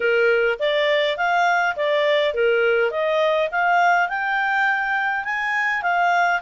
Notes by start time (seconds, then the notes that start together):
0.00 A#4
0.59 D5
1.17 F5
1.76 D5
2.34 A#4
2.90 D#5
3.51 F5
4.09 G5
5.24 G#5
5.82 F5